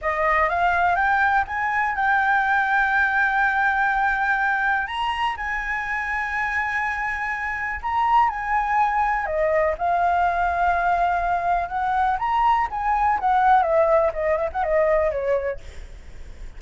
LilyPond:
\new Staff \with { instrumentName = "flute" } { \time 4/4 \tempo 4 = 123 dis''4 f''4 g''4 gis''4 | g''1~ | g''2 ais''4 gis''4~ | gis''1 |
ais''4 gis''2 dis''4 | f''1 | fis''4 ais''4 gis''4 fis''4 | e''4 dis''8 e''16 fis''16 dis''4 cis''4 | }